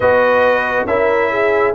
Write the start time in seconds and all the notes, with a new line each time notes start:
0.00 B3 F#4 B4 D#5
0.85 C#4 E4 A#4 E5
1.31 G#4